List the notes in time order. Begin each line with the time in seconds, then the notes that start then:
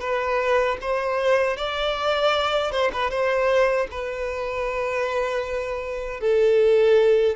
0.00 B4
0.81 C5
1.57 D5
2.71 C5
2.93 B4
3.10 C5
3.91 B4
6.20 A4